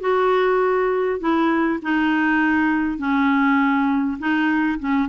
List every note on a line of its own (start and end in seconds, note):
0.00 1.19 F#4
1.19 1.79 E4
1.82 2.98 D#4
2.98 4.18 C#4
4.19 4.79 D#4
4.79 5.09 C#4